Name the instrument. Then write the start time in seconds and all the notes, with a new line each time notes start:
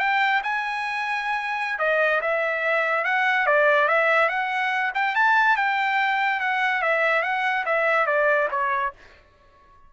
trumpet
0.00 G5
0.43 G#5
1.79 D#5
2.22 E5
3.05 F#5
3.47 D5
3.88 E5
4.29 F#5
4.95 G5
5.16 A5
5.57 G5
6.40 F#5
6.82 E5
7.23 F#5
7.66 E5
8.07 D5
8.51 C#5